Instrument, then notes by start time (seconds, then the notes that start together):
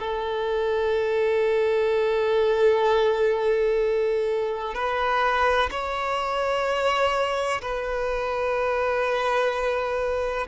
violin
0.00 A4
4.75 B4
5.71 C#5
7.62 B4